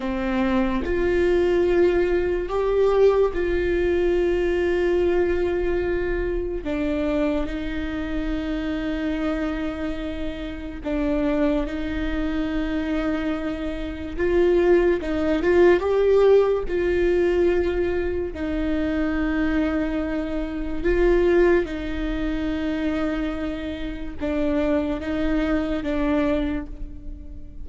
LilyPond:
\new Staff \with { instrumentName = "viola" } { \time 4/4 \tempo 4 = 72 c'4 f'2 g'4 | f'1 | d'4 dis'2.~ | dis'4 d'4 dis'2~ |
dis'4 f'4 dis'8 f'8 g'4 | f'2 dis'2~ | dis'4 f'4 dis'2~ | dis'4 d'4 dis'4 d'4 | }